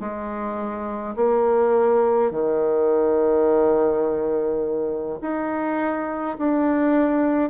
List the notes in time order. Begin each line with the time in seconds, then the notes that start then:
0.00 G#3
1.16 A#3
2.31 D#3
5.21 D#4
6.38 D4